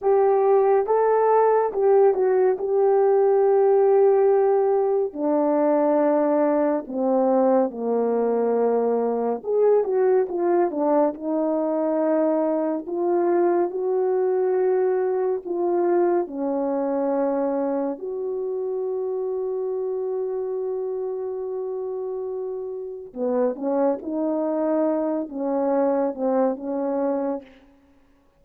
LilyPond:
\new Staff \with { instrumentName = "horn" } { \time 4/4 \tempo 4 = 70 g'4 a'4 g'8 fis'8 g'4~ | g'2 d'2 | c'4 ais2 gis'8 fis'8 | f'8 d'8 dis'2 f'4 |
fis'2 f'4 cis'4~ | cis'4 fis'2.~ | fis'2. b8 cis'8 | dis'4. cis'4 c'8 cis'4 | }